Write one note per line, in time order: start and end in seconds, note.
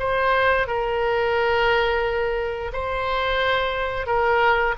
0.00 0.68 C5
0.68 2.72 A#4
2.73 4.07 C5
4.07 4.75 A#4